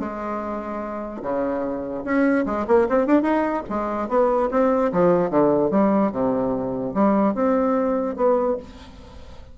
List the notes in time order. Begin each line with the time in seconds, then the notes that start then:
0.00 G#3
1.23 C#3
2.05 C#4
2.46 G#3
2.68 A#3
2.90 C4
3.07 D4
3.23 D#4
3.70 G#3
4.09 B3
4.52 C4
4.93 F3
5.31 D3
5.71 G3
6.12 C3
6.95 G3
7.35 C4
8.17 B3